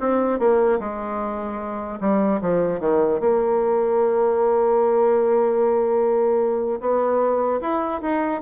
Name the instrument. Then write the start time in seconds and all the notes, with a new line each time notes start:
bassoon
0.00 C4
0.39 A#3
0.80 G#3
2.00 G3
2.41 F3
2.80 D#3
3.20 A#3
6.80 B3
7.61 E4
8.01 D#4